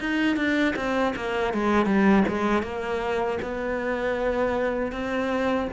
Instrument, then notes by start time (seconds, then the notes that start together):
cello
0.00 D#4
0.36 D4
0.76 C4
1.16 A#3
1.54 G#3
1.85 G3
2.28 G#3
2.63 A#3
3.42 B3
4.92 C4